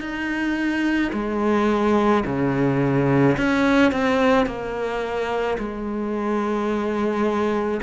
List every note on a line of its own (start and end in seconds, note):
0.00 1.11 D#4
1.13 2.24 G#3
2.25 3.36 C#3
3.37 3.91 C#4
3.91 4.46 C4
4.46 5.57 A#3
5.58 7.80 G#3